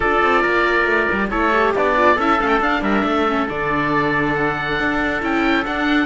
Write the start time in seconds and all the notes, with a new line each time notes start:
0.00 D4 F4 A4 D5
0.22 C4
0.41 A#3 A#4
0.85 A3
1.12 G3
1.29 A3 E4 A4 C#5
1.52 G4
1.75 B3 D4 D5
1.96 F4
2.15 C#4 E4 A4 E5
2.39 A3 C#4 F5
2.48 G5
2.60 D4 F5
2.81 G3 A#4 E5
3.04 A3 A4
3.27 C#4
3.47 D3 D4 D5
4.34 F#5
4.79 D4
5.21 C#4 E4 G5
5.65 D4 F#5